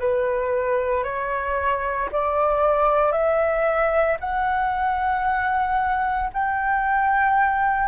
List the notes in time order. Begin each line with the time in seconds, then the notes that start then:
0.00 B4
1.04 C#5
2.12 D5
3.12 E5
4.20 F#5
6.33 G5